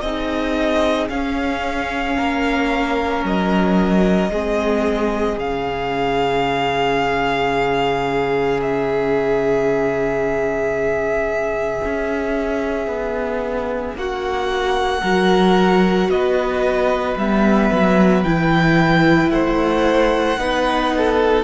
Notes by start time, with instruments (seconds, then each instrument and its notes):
0.00 cello C4, viola D#4, violin G#4 D#5
1.09 cello C#4, viola C#4, violin F5
2.17 cello A#3, violin A#4
3.23 cello F#3, violin D#5
4.29 cello G#3, viola C4, violin G#4
5.37 cello C#3, viola C#4, violin F5
8.61 violin E5
11.84 cello C#4
12.87 cello B3
13.94 cello A#3, violin F#4 F#5
15.01 cello F#3, viola F#4, violin A#4
16.08 cello B3, violin B4 D#5
17.16 cello G3, viola B3, violin E5
17.72 cello F#3
18.23 cello E3, viola E4, violin G5
19.30 cello A3, violin C5 F#5
20.36 cello B3, viola D#4, violin B4
20.97 violin A4